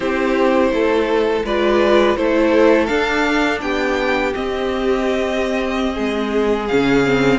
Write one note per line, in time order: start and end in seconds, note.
0.00 0.70 C4
0.00 1.45 E4
0.00 0.70 G4
0.00 1.44 C5
0.70 1.43 A3
0.70 1.45 A4
1.44 2.16 G#3
1.44 2.17 F4
1.44 2.17 B4
1.44 2.16 D5
2.16 2.89 A3
2.16 2.88 E4
2.16 3.61 A4
2.16 2.86 C5
2.86 4.32 D4
2.86 3.61 D4
2.86 3.58 F5
3.61 4.33 B3
3.61 5.94 G4
3.61 4.33 G5
4.33 6.68 C4
4.33 5.97 C4
4.33 6.67 D#5
5.94 6.70 G#3
5.94 7.39 G#4
6.67 7.39 C#3
6.67 7.05 C#4
6.67 7.39 F5
7.05 7.39 C4